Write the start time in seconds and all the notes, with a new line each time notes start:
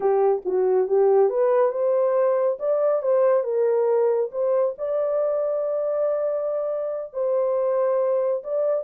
0.00 G4
0.45 F#4
0.87 G4
1.29 B4
1.71 C5
2.59 D5
3.02 C5
3.43 A#4
4.31 C5
4.78 D5
7.13 C5
8.43 D5